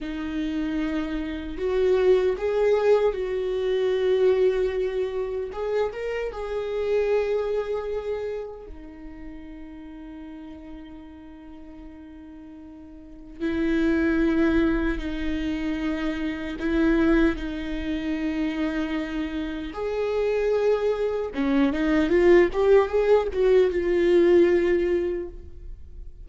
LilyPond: \new Staff \with { instrumentName = "viola" } { \time 4/4 \tempo 4 = 76 dis'2 fis'4 gis'4 | fis'2. gis'8 ais'8 | gis'2. dis'4~ | dis'1~ |
dis'4 e'2 dis'4~ | dis'4 e'4 dis'2~ | dis'4 gis'2 cis'8 dis'8 | f'8 g'8 gis'8 fis'8 f'2 | }